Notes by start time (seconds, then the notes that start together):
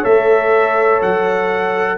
0.00 A3 A4 C#5 E5
1.01 F#3 F#5